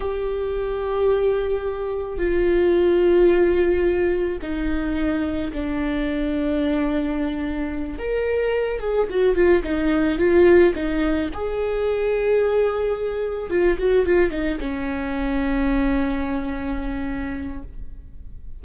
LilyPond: \new Staff \with { instrumentName = "viola" } { \time 4/4 \tempo 4 = 109 g'1 | f'1 | dis'2 d'2~ | d'2~ d'8 ais'4. |
gis'8 fis'8 f'8 dis'4 f'4 dis'8~ | dis'8 gis'2.~ gis'8~ | gis'8 f'8 fis'8 f'8 dis'8 cis'4.~ | cis'1 | }